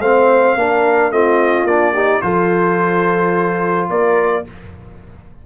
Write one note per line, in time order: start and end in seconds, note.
0.00 0.55 A3
0.00 0.58 C4
0.00 0.57 C5
0.00 1.12 F5
0.55 1.11 A#3
0.55 1.12 D4
0.55 1.13 A#4
1.11 1.64 A3
1.11 1.67 C4
1.11 1.94 F4
1.11 1.66 D#5
1.64 2.20 A#3
1.64 1.95 D4
1.64 2.21 D5
1.94 2.22 D#4
1.94 2.21 G4
2.21 3.90 F3
2.21 4.45 F4
2.21 3.90 A4
2.21 3.88 C5
3.90 4.45 A#3
3.90 4.46 A#4
3.90 4.46 D5